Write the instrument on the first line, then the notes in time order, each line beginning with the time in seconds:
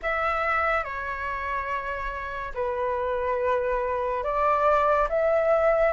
flute
0.02 E5
0.83 C#5
2.54 B4
4.23 D5
5.09 E5